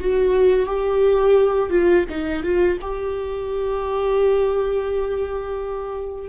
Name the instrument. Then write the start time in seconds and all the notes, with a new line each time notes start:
viola
0.00 F#4
0.66 G4
1.70 F4
2.09 D#4
2.43 F4
2.81 G4